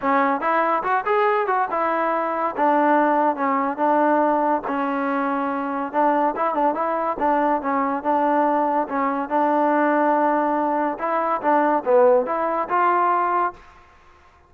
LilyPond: \new Staff \with { instrumentName = "trombone" } { \time 4/4 \tempo 4 = 142 cis'4 e'4 fis'8 gis'4 fis'8 | e'2 d'2 | cis'4 d'2 cis'4~ | cis'2 d'4 e'8 d'8 |
e'4 d'4 cis'4 d'4~ | d'4 cis'4 d'2~ | d'2 e'4 d'4 | b4 e'4 f'2 | }